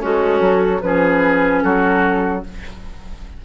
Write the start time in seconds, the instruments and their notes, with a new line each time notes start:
0.00 bassoon G#3, oboe C#4, clarinet F#4, flute A4
0.41 bassoon F#3
0.82 bassoon F3, clarinet C#4, oboe G#4, flute B4
1.63 bassoon F#3, oboe F#4, flute A4